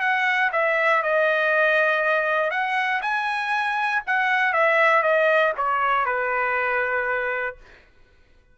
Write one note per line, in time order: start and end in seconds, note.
0.00 0.50 F#5
0.52 1.02 E5
1.02 2.50 D#5
2.50 3.01 F#5
3.02 4.02 G#5
4.07 4.53 F#5
4.53 5.03 E5
5.03 5.53 D#5
5.57 6.05 C#5
6.05 7.57 B4